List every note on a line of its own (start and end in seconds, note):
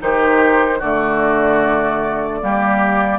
0.00 0.82 D#3
0.00 0.80 D#4
0.00 0.79 G4
0.00 0.81 C5
0.79 2.42 D3
0.79 2.43 A3
0.79 2.39 F#4
0.79 3.19 D5
2.43 3.19 G3
2.43 3.19 A#3
2.43 3.19 G4